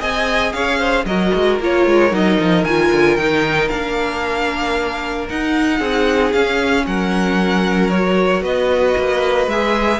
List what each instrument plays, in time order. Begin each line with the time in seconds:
0.00 cello C4, viola G#4, violin D#5 G#5
0.52 cello C#4, violin C#5 F5
0.79 violin C5
1.05 cello F#3, viola F#4, violin A#4 D#5
1.34 cello G#3
1.60 cello A#3, viola F4, violin C#5
1.86 cello G#3
2.11 cello F#3, viola D#4, violin D#5
2.40 cello F3
2.64 cello D#3, viola F4, violin G#5
2.92 cello D3
3.17 cello D#3, viola D#4, violin G5
3.68 cello A#3, viola D4, violin F5
5.29 cello D#4, viola D#4, violin F#5
5.77 cello C4, violin G#4
6.33 cello C#4, viola C#4, violin F5
6.86 cello F#3, violin A#4 F#5
7.90 viola F#4, violin C#5
8.42 cello B3, violin B4 D#5
8.98 cello A#3
9.47 cello G#3, viola G#4, violin E5